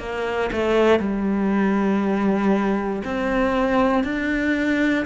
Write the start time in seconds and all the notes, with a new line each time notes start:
0.00 A#3
0.53 A3
1.00 G3
3.05 C4
4.04 D4